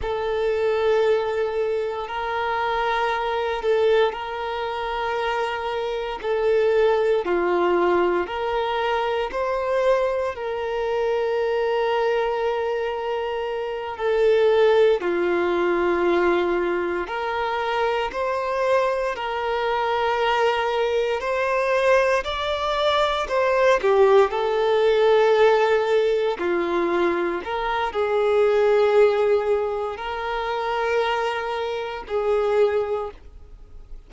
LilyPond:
\new Staff \with { instrumentName = "violin" } { \time 4/4 \tempo 4 = 58 a'2 ais'4. a'8 | ais'2 a'4 f'4 | ais'4 c''4 ais'2~ | ais'4. a'4 f'4.~ |
f'8 ais'4 c''4 ais'4.~ | ais'8 c''4 d''4 c''8 g'8 a'8~ | a'4. f'4 ais'8 gis'4~ | gis'4 ais'2 gis'4 | }